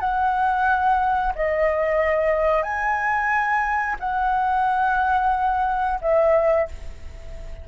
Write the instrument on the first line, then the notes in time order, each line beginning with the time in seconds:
flute
0.00 F#5
1.35 D#5
2.63 G#5
4.00 F#5
6.01 E5